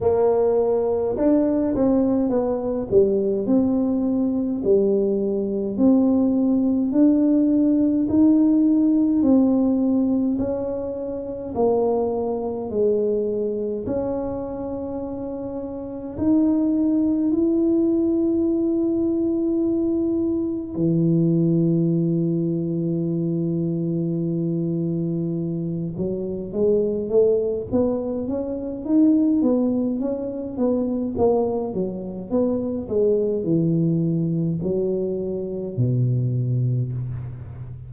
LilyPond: \new Staff \with { instrumentName = "tuba" } { \time 4/4 \tempo 4 = 52 ais4 d'8 c'8 b8 g8 c'4 | g4 c'4 d'4 dis'4 | c'4 cis'4 ais4 gis4 | cis'2 dis'4 e'4~ |
e'2 e2~ | e2~ e8 fis8 gis8 a8 | b8 cis'8 dis'8 b8 cis'8 b8 ais8 fis8 | b8 gis8 e4 fis4 b,4 | }